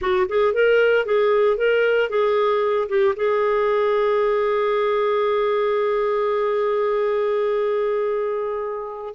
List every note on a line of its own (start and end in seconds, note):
0.01 0.27 F#4
0.28 0.53 G#4
0.53 1.05 A#4
1.05 1.57 G#4
1.57 2.09 A#4
2.09 2.88 G#4
2.88 3.14 G4
3.15 9.14 G#4